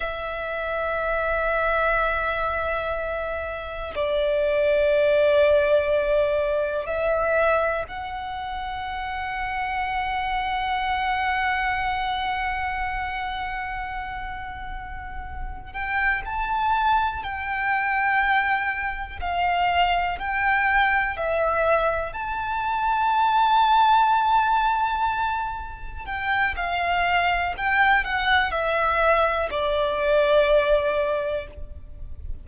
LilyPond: \new Staff \with { instrumentName = "violin" } { \time 4/4 \tempo 4 = 61 e''1 | d''2. e''4 | fis''1~ | fis''1 |
g''8 a''4 g''2 f''8~ | f''8 g''4 e''4 a''4.~ | a''2~ a''8 g''8 f''4 | g''8 fis''8 e''4 d''2 | }